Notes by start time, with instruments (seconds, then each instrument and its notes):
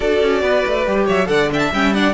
0.00 cello D4, viola F#4, violin A4 D5
0.22 cello C#4
0.42 cello B3, violin B4
0.66 cello A3
0.86 cello G3, viola G4
1.05 cello F#3, violin C#5 E5
1.26 cello D3, viola A4, violin D5 F#5
1.51 viola D4, violin E5 G5
1.59 violin A5
1.71 cello G3, viola C#4, violin G5
1.93 viola D4, violin D5 F#5